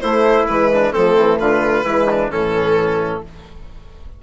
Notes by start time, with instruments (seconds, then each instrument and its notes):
0.00 horn A3, bassoon A3, trumpet E4, violin C5
0.47 bassoon E3, horn G#3, violin B4
0.74 trumpet D4
0.92 bassoon F3, horn A3, trumpet C4, violin A4
1.17 bassoon E3
1.39 bassoon D3, trumpet F4, violin B4
1.83 bassoon E3, horn G#3, trumpet E4
2.10 trumpet D4
2.31 bassoon A2, horn E3, trumpet C#4, violin A4